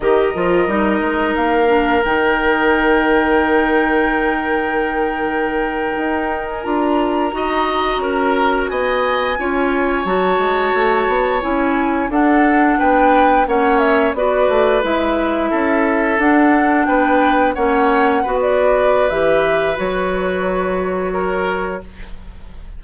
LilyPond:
<<
  \new Staff \with { instrumentName = "flute" } { \time 4/4 \tempo 4 = 88 dis''2 f''4 g''4~ | g''1~ | g''4. gis''16 ais''2~ ais''16~ | ais''8. gis''2 a''4~ a''16~ |
a''8. gis''4 fis''4 g''4 fis''16~ | fis''16 e''8 d''4 e''2 fis''16~ | fis''8. g''4 fis''4~ fis''16 d''4 | e''4 cis''2. | }
  \new Staff \with { instrumentName = "oboe" } { \time 4/4 ais'1~ | ais'1~ | ais'2~ ais'8. dis''4 ais'16~ | ais'8. dis''4 cis''2~ cis''16~ |
cis''4.~ cis''16 a'4 b'4 cis''16~ | cis''8. b'2 a'4~ a'16~ | a'8. b'4 cis''4 b'4~ b'16~ | b'2. ais'4 | }
  \new Staff \with { instrumentName = "clarinet" } { \time 4/4 g'8 f'8 dis'4. d'8 dis'4~ | dis'1~ | dis'4.~ dis'16 f'4 fis'4~ fis'16~ | fis'4.~ fis'16 f'4 fis'4~ fis'16~ |
fis'8. e'4 d'2 cis'16~ | cis'8. fis'4 e'2 d'16~ | d'4.~ d'16 cis'4 fis'4~ fis'16 | g'4 fis'2. | }
  \new Staff \with { instrumentName = "bassoon" } { \time 4/4 dis8 f8 g8 gis8 ais4 dis4~ | dis1~ | dis8. dis'4 d'4 dis'4 cis'16~ | cis'8. b4 cis'4 fis8 gis8 a16~ |
a16 b8 cis'4 d'4 b4 ais16~ | ais8. b8 a8 gis4 cis'4 d'16~ | d'8. b4 ais4 b4~ b16 | e4 fis2. | }
>>